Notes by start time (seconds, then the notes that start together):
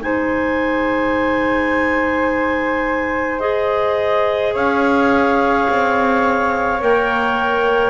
0.00 G#3 D#4 C5 G#5
3.39 G#4 D#5
4.53 C#4 C#5 F5
5.68 C4
6.80 A#3 A#4 G5